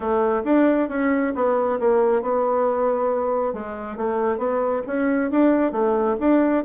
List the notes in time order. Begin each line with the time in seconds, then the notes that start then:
0.00 A3
0.44 D4
0.88 C#4
1.35 B3
1.79 A#3
2.22 B3
3.53 G#3
3.97 A3
4.37 B3
4.86 C#4
5.30 D4
5.72 A3
6.20 D4